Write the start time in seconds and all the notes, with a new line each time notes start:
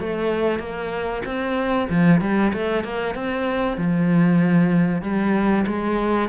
0.00 A3
0.59 A#3
1.25 C4
1.90 F3
2.21 G3
2.53 A3
2.84 A#3
3.15 C4
3.77 F3
5.02 G3
5.67 G#3